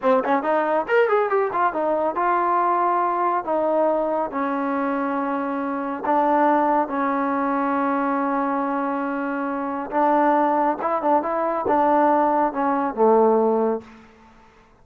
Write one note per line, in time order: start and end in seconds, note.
0.02 0.23 C4
0.24 0.42 C#4
0.42 0.86 D#4
0.88 1.08 A#4
1.08 1.29 G#4
1.29 1.51 G4
1.52 1.73 F4
1.73 2.15 D#4
2.15 3.44 F4
3.44 4.30 D#4
4.30 6.03 C#4
6.05 6.88 D4
6.88 9.90 C#4
9.91 10.77 D4
10.81 11.02 E4
11.02 11.22 D4
11.22 11.65 E4
11.67 12.53 D4
12.53 12.94 C#4
12.94 13.80 A3